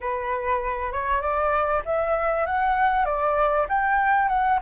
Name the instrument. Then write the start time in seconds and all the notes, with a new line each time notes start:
flute
0.00 B4
0.92 C#5
1.21 D5
1.85 E5
2.45 F#5
3.05 D5
3.68 G5
4.28 F#5